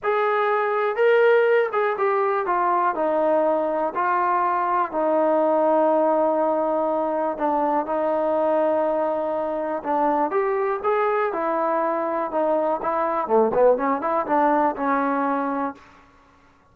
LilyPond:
\new Staff \with { instrumentName = "trombone" } { \time 4/4 \tempo 4 = 122 gis'2 ais'4. gis'8 | g'4 f'4 dis'2 | f'2 dis'2~ | dis'2. d'4 |
dis'1 | d'4 g'4 gis'4 e'4~ | e'4 dis'4 e'4 a8 b8 | cis'8 e'8 d'4 cis'2 | }